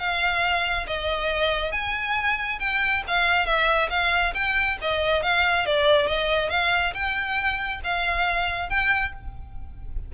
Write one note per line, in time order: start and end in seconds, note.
0.00 0.87 F5
0.88 1.72 D#5
1.72 2.59 G#5
2.60 3.04 G5
3.08 3.46 F5
3.46 3.90 E5
3.91 4.34 F5
4.35 4.78 G5
4.82 5.23 D#5
5.23 5.66 F5
5.66 6.08 D5
6.08 6.50 D#5
6.50 6.94 F5
6.94 7.81 G5
7.85 8.70 F5
8.70 9.13 G5